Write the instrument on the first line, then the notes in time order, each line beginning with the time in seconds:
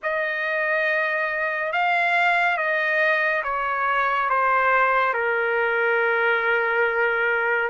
trumpet
0.02 D#5
1.72 F5
2.57 D#5
3.43 C#5
4.29 C5
5.13 A#4